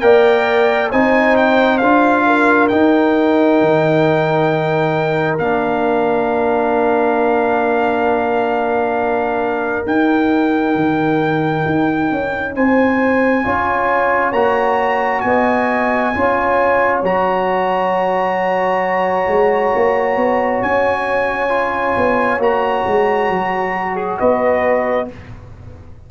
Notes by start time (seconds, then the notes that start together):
0.00 A#3 A#4 D5 G5
0.90 C4 D#4 C5 G#5
1.36 G5
1.78 D4 F4 F5
2.26 A#4
2.68 D#4 G5
3.61 D#3
5.38 A#3 D4 F5
9.85 D#4 G5
10.75 D#3
11.65 D#4
12.11 C#4
12.54 C4 C5 G#5
13.43 C#4 F4 C#5
14.32 A#3 F#4 A#5
15.20 B3 D#5 G#5
16.14 C#4 F4 C#5
17.02 F#3 F#4 A#5
19.27 G#3
19.75 A#3
20.16 B3
20.61 C#4 G#5
21.49 F4
21.96 B3
22.38 A#3 F#4 A#5
22.87 G#3
23.29 F#3
23.95 G#4
24.19 B3 B4 D#5